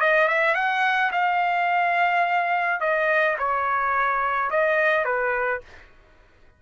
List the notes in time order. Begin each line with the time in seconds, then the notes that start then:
0.00 D#5
0.28 E5
0.55 F#5
1.12 F5
2.80 D#5
3.38 C#5
4.50 D#5
5.04 B4